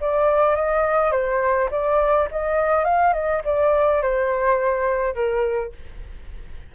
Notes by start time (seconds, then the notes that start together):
0.00 D5
0.55 D#5
1.11 C5
1.70 D5
2.31 D#5
2.84 F5
3.13 D#5
3.44 D5
4.02 C5
5.14 A#4